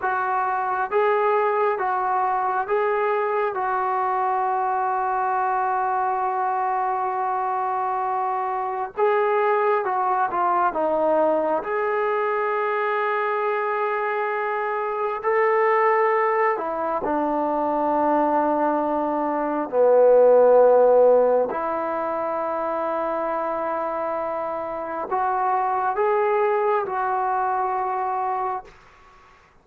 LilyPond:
\new Staff \with { instrumentName = "trombone" } { \time 4/4 \tempo 4 = 67 fis'4 gis'4 fis'4 gis'4 | fis'1~ | fis'2 gis'4 fis'8 f'8 | dis'4 gis'2.~ |
gis'4 a'4. e'8 d'4~ | d'2 b2 | e'1 | fis'4 gis'4 fis'2 | }